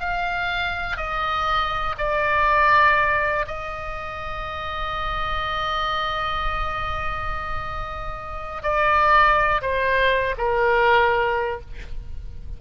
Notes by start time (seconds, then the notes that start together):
0.00 F5
0.97 D#5
1.98 D5
3.47 D#5
8.63 D5
9.61 C5
10.38 A#4